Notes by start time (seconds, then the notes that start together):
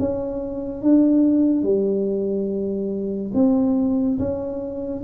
0.00 C#4
0.83 D4
1.63 G3
3.35 C4
4.19 C#4